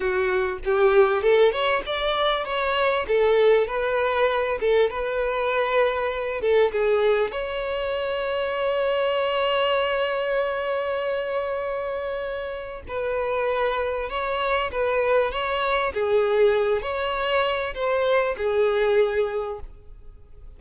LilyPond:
\new Staff \with { instrumentName = "violin" } { \time 4/4 \tempo 4 = 98 fis'4 g'4 a'8 cis''8 d''4 | cis''4 a'4 b'4. a'8 | b'2~ b'8 a'8 gis'4 | cis''1~ |
cis''1~ | cis''4 b'2 cis''4 | b'4 cis''4 gis'4. cis''8~ | cis''4 c''4 gis'2 | }